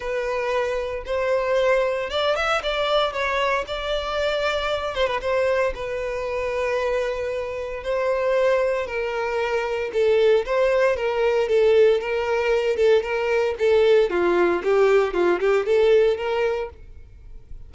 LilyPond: \new Staff \with { instrumentName = "violin" } { \time 4/4 \tempo 4 = 115 b'2 c''2 | d''8 e''8 d''4 cis''4 d''4~ | d''4. c''16 b'16 c''4 b'4~ | b'2. c''4~ |
c''4 ais'2 a'4 | c''4 ais'4 a'4 ais'4~ | ais'8 a'8 ais'4 a'4 f'4 | g'4 f'8 g'8 a'4 ais'4 | }